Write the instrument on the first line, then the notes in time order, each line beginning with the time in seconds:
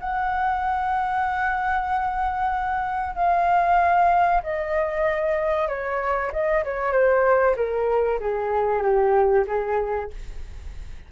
flute
0.00 F#5
3.16 F5
4.43 D#5
5.68 C#5
6.32 D#5
6.64 C#5
6.92 C5
7.56 A#4
8.20 G#4
8.82 G4
9.47 G#4